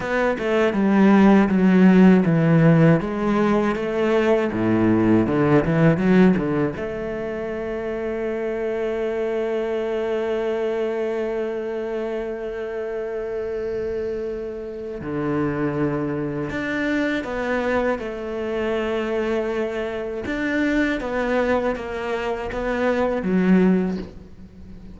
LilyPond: \new Staff \with { instrumentName = "cello" } { \time 4/4 \tempo 4 = 80 b8 a8 g4 fis4 e4 | gis4 a4 a,4 d8 e8 | fis8 d8 a2.~ | a1~ |
a1 | d2 d'4 b4 | a2. d'4 | b4 ais4 b4 fis4 | }